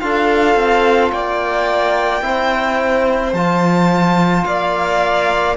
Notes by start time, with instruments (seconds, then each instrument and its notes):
0.00 cello D4, trombone F4, violin A4 F5
0.55 cello C4
1.12 cello A#3, violin D5 G5
2.22 cello C4, trombone E4, violin C5
3.33 cello F3, trombone F4, violin A5
4.44 cello A#3, violin D5 F5